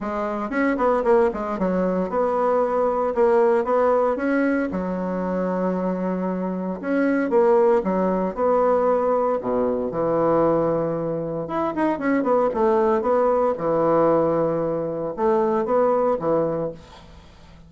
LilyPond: \new Staff \with { instrumentName = "bassoon" } { \time 4/4 \tempo 4 = 115 gis4 cis'8 b8 ais8 gis8 fis4 | b2 ais4 b4 | cis'4 fis2.~ | fis4 cis'4 ais4 fis4 |
b2 b,4 e4~ | e2 e'8 dis'8 cis'8 b8 | a4 b4 e2~ | e4 a4 b4 e4 | }